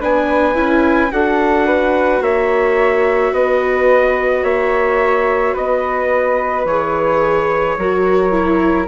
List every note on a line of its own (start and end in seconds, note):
0.00 0.55 B3
0.00 0.54 D4
0.00 1.11 B4
0.00 1.12 G#5
0.54 1.10 C#4
0.54 1.10 E4
1.11 2.21 D4
1.11 6.66 F#4
1.11 1.66 A4
1.11 2.23 F#5
1.66 2.22 B4
2.21 3.32 A#3
2.21 3.33 C#5
2.21 3.34 E5
3.32 4.43 B3
3.32 4.43 B4
3.32 4.44 D#5
4.43 5.54 A#3
4.43 5.53 C#5
4.43 5.55 E5
5.53 6.65 B3
5.53 7.76 B4
5.53 6.66 D#5
6.65 7.76 E3
6.65 7.79 G#4
6.65 8.87 C#5
7.77 8.87 F#3
7.77 8.31 F#4
7.77 8.87 A#4
8.31 8.87 E4